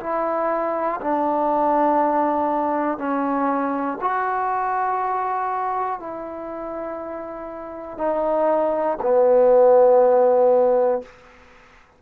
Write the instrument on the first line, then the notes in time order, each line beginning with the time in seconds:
trombone
0.00 E4
1.00 D4
2.98 C#4
4.00 F#4
6.00 E4
7.97 D#4
9.01 B3